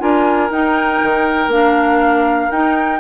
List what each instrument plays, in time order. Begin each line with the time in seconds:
0.00 bassoon D4, clarinet F4, oboe A#4, flute G#5
0.51 bassoon D#4, clarinet D#4, flute G5
1.03 bassoon D#3
1.48 bassoon A#3, clarinet D4, flute F5
2.51 bassoon D#4, clarinet D#4, flute G5